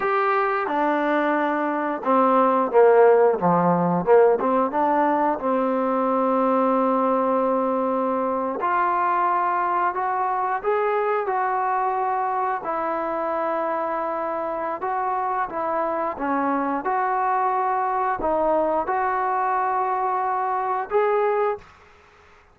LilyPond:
\new Staff \with { instrumentName = "trombone" } { \time 4/4 \tempo 4 = 89 g'4 d'2 c'4 | ais4 f4 ais8 c'8 d'4 | c'1~ | c'8. f'2 fis'4 gis'16~ |
gis'8. fis'2 e'4~ e'16~ | e'2 fis'4 e'4 | cis'4 fis'2 dis'4 | fis'2. gis'4 | }